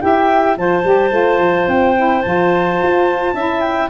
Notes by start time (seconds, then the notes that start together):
0.00 E4 G4 E5 G5
0.56 F3 F4 C5 A5
0.84 G3 G4
1.11 A3 F4
1.39 F3
1.68 C4 G5
1.96 E4
2.22 F3 F4 A5
2.83 F4
3.34 C#4 E4 E5
3.61 G5